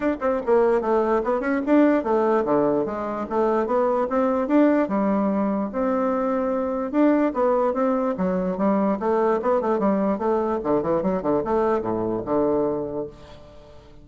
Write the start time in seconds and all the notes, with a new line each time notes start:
0.00 D4
0.20 C4
0.46 A#3
0.81 A3
1.24 B3
1.40 C#4
1.65 D4
2.03 A3
2.45 D3
2.85 G#3
3.29 A3
3.66 B3
4.09 C4
4.47 D4
4.88 G3
5.72 C4
6.91 D4
7.33 B3
7.73 C4
8.17 F#3
8.57 G3
8.99 A3
9.42 B3
9.61 A3
9.79 G3
10.18 A3
10.63 D3
10.82 E3
11.02 F#3
11.22 D3
11.44 A3
11.81 A2
12.25 D3